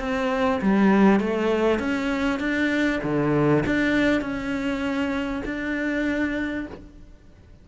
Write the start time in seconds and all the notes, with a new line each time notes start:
0.00 C4
0.62 G3
1.20 A3
1.79 C#4
2.40 D4
3.04 D3
3.66 D4
4.21 C#4
5.45 D4